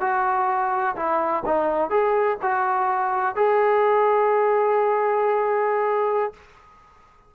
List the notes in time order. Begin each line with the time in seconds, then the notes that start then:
0.00 F#4
0.95 E4
1.45 D#4
1.90 G#4
2.41 F#4
3.35 G#4